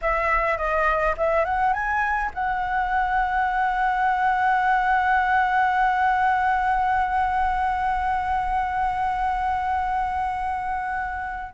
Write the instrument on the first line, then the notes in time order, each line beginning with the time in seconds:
flute
0.01 E5
0.57 D#5
1.17 E5
1.44 F#5
1.73 G#5
2.34 F#5